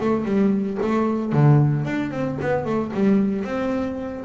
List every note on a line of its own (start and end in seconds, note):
0.00 0.25 A3
0.25 0.78 G3
0.82 1.32 A3
1.32 1.85 D3
1.85 2.10 D4
2.10 2.37 C4
2.41 2.65 B3
2.65 2.91 A3
2.93 3.44 G3
3.44 4.23 C4